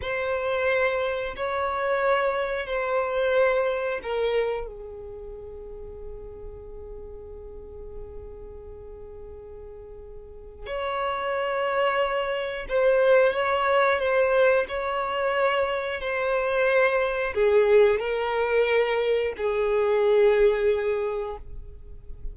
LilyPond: \new Staff \with { instrumentName = "violin" } { \time 4/4 \tempo 4 = 90 c''2 cis''2 | c''2 ais'4 gis'4~ | gis'1~ | gis'1 |
cis''2. c''4 | cis''4 c''4 cis''2 | c''2 gis'4 ais'4~ | ais'4 gis'2. | }